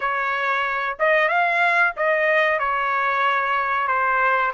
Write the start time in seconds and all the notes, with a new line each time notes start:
0.00 C#5
0.99 D#5
1.28 F5
1.96 D#5
2.59 C#5
3.87 C5